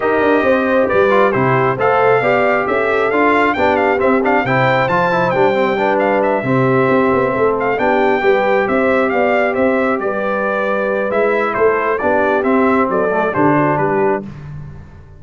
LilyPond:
<<
  \new Staff \with { instrumentName = "trumpet" } { \time 4/4 \tempo 4 = 135 dis''2 d''4 c''4 | f''2 e''4 f''4 | g''8 f''8 e''8 f''8 g''4 a''4 | g''4. f''8 e''2~ |
e''4 f''8 g''2 e''8~ | e''8 f''4 e''4 d''4.~ | d''4 e''4 c''4 d''4 | e''4 d''4 c''4 b'4 | }
  \new Staff \with { instrumentName = "horn" } { \time 4/4 ais'4 c''4 b'4 g'4 | c''4 d''4 a'2 | g'2 c''2~ | c''4 b'4. g'4.~ |
g'8 a'4 g'4 b'4 c''8~ | c''8 d''4 c''4 b'4.~ | b'2 a'4 g'4~ | g'4 a'4 g'8 fis'8 g'4 | }
  \new Staff \with { instrumentName = "trombone" } { \time 4/4 g'2~ g'8 f'8 e'4 | a'4 g'2 f'4 | d'4 c'8 d'8 e'4 f'8 e'8 | d'8 c'8 d'4. c'4.~ |
c'4. d'4 g'4.~ | g'1~ | g'4 e'2 d'4 | c'4. a8 d'2 | }
  \new Staff \with { instrumentName = "tuba" } { \time 4/4 dis'8 d'8 c'4 g4 c4 | a4 b4 cis'4 d'4 | b4 c'4 c4 f4 | g2~ g8 c4 c'8 |
b8 a4 b4 g4 c'8~ | c'8 b4 c'4 g4.~ | g4 gis4 a4 b4 | c'4 fis4 d4 g4 | }
>>